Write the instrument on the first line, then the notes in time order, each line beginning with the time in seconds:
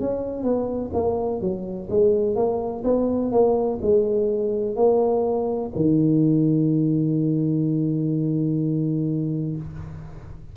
tuba
0.00 C#4
0.44 B3
0.94 A#3
1.41 F#3
1.90 G#3
2.36 A#3
2.84 B3
3.32 A#3
3.82 G#3
4.76 A#3
5.76 D#3